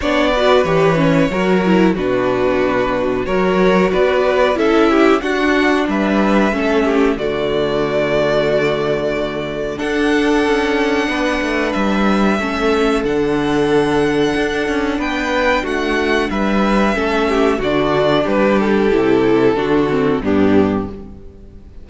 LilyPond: <<
  \new Staff \with { instrumentName = "violin" } { \time 4/4 \tempo 4 = 92 d''4 cis''2 b'4~ | b'4 cis''4 d''4 e''4 | fis''4 e''2 d''4~ | d''2. fis''4~ |
fis''2 e''2 | fis''2. g''4 | fis''4 e''2 d''4 | b'8 a'2~ a'8 g'4 | }
  \new Staff \with { instrumentName = "violin" } { \time 4/4 cis''8 b'4. ais'4 fis'4~ | fis'4 ais'4 b'4 a'8 g'8 | fis'4 b'4 a'8 g'8 fis'4~ | fis'2. a'4~ |
a'4 b'2 a'4~ | a'2. b'4 | fis'4 b'4 a'8 g'8 fis'4 | g'2 fis'4 d'4 | }
  \new Staff \with { instrumentName = "viola" } { \time 4/4 d'8 fis'8 g'8 cis'8 fis'8 e'8 d'4~ | d'4 fis'2 e'4 | d'2 cis'4 a4~ | a2. d'4~ |
d'2. cis'4 | d'1~ | d'2 cis'4 d'4~ | d'4 e'4 d'8 c'8 b4 | }
  \new Staff \with { instrumentName = "cello" } { \time 4/4 b4 e4 fis4 b,4~ | b,4 fis4 b4 cis'4 | d'4 g4 a4 d4~ | d2. d'4 |
cis'4 b8 a8 g4 a4 | d2 d'8 cis'8 b4 | a4 g4 a4 d4 | g4 c4 d4 g,4 | }
>>